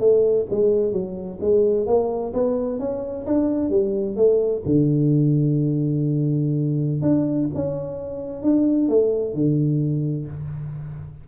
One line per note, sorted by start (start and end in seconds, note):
0.00 0.46 A3
0.51 0.93 G#3
0.93 1.39 F#3
1.41 1.87 G#3
1.87 2.33 A#3
2.34 2.80 B3
2.80 3.26 C#4
3.26 3.70 D4
3.70 4.16 G3
4.17 4.63 A3
4.66 7.02 D3
7.02 7.49 D4
7.55 8.43 C#4
8.43 8.89 D4
8.89 9.35 A3
9.35 10.27 D3